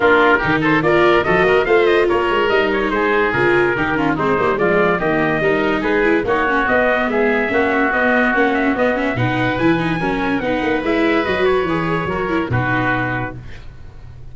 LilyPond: <<
  \new Staff \with { instrumentName = "trumpet" } { \time 4/4 \tempo 4 = 144 ais'4. c''8 d''4 dis''4 | f''8 dis''8 cis''4 dis''8 cis''8 c''4 | ais'2 c''4 d''4 | dis''2 b'4 cis''4 |
dis''4 e''2 dis''4 | fis''8 e''8 dis''8 e''8 fis''4 gis''4~ | gis''4 fis''4 e''4 dis''8 cis''8~ | cis''2 b'2 | }
  \new Staff \with { instrumentName = "oboe" } { \time 4/4 f'4 g'8 a'8 ais'4 a'8 ais'8 | c''4 ais'2 gis'4~ | gis'4 g'8 f'8 dis'4 f'4 | g'4 ais'4 gis'4 fis'4~ |
fis'4 gis'4 fis'2~ | fis'2 b'2 | ais'4 b'2.~ | b'4 ais'4 fis'2 | }
  \new Staff \with { instrumentName = "viola" } { \time 4/4 d'4 dis'4 f'4 fis'4 | f'2 dis'2 | f'4 dis'8 cis'8 c'8 ais8 gis4 | ais4 dis'4. e'8 dis'8 cis'8 |
b2 cis'4 b4 | cis'4 b8 cis'8 dis'4 e'8 dis'8 | cis'4 dis'4 e'4 fis'4 | gis'4 fis'8 e'8 dis'2 | }
  \new Staff \with { instrumentName = "tuba" } { \time 4/4 ais4 dis4 ais4 f8 ais8 | a4 ais8 gis8 g4 gis4 | cis4 dis4 gis8 g8 f4 | dis4 g4 gis4 ais4 |
b4 gis4 ais4 b4 | ais4 b4 b,4 e4 | fis4 b8 ais8 gis4 fis4 | e4 fis4 b,2 | }
>>